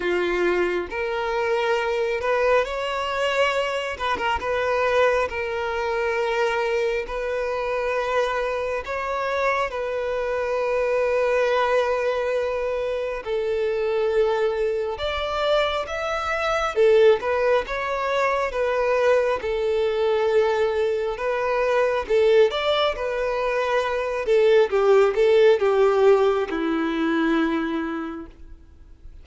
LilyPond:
\new Staff \with { instrumentName = "violin" } { \time 4/4 \tempo 4 = 68 f'4 ais'4. b'8 cis''4~ | cis''8 b'16 ais'16 b'4 ais'2 | b'2 cis''4 b'4~ | b'2. a'4~ |
a'4 d''4 e''4 a'8 b'8 | cis''4 b'4 a'2 | b'4 a'8 d''8 b'4. a'8 | g'8 a'8 g'4 e'2 | }